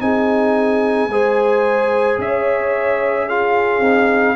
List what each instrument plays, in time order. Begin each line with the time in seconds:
0.00 tuba C4, trombone D#4, horn G#4, trumpet G#5
1.08 tuba G#3, trombone G#4, horn C5
2.18 tuba C#4, horn C#5, trumpet E5
3.26 trombone F4, horn G#4, trumpet F5
3.81 tuba C4, trombone D#4